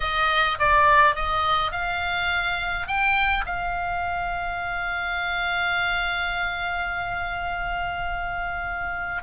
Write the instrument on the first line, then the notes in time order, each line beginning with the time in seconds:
oboe
0.00 D#5
0.58 D5
1.15 D#5
1.72 F5
2.87 G5
3.46 F5